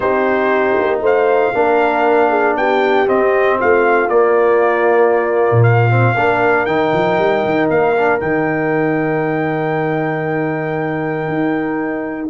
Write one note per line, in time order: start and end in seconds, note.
0.00 0.76 C4
0.00 1.53 D#4
0.00 1.01 G4
0.00 1.00 C5
0.79 1.01 A#3
1.01 1.52 A3
1.01 1.53 C5
1.01 2.56 F5
1.53 2.56 A#3
1.53 3.06 D4
1.53 2.29 A#4
2.29 2.55 G#4
2.56 3.07 B3
2.56 3.59 G4
2.56 3.08 G5
3.06 4.09 C4
3.06 3.59 C4
3.06 3.59 D#5
3.59 4.07 A3
3.59 6.16 F4
3.59 4.09 F5
4.07 5.48 A#3
4.07 5.89 A#3
4.07 5.63 D5
5.51 6.15 A#2
5.63 6.65 F5
5.89 6.15 C4
6.16 6.66 A#3
6.16 6.67 D4
6.16 12.29 A#4
6.65 6.92 D#3
6.65 7.96 D#4
6.65 7.68 G5
6.93 7.18 F3
7.18 7.43 G3
7.45 7.69 D#3
7.69 8.21 A#3
7.69 8.20 F5
7.96 8.20 D4
8.20 11.28 D#3
8.20 12.29 D#4
8.20 12.29 G5
11.28 12.29 D#4